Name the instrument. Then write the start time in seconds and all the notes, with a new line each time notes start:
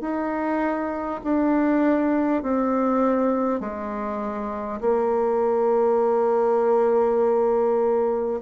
bassoon
0.00 D#4
1.23 D4
2.42 C4
3.60 G#3
4.80 A#3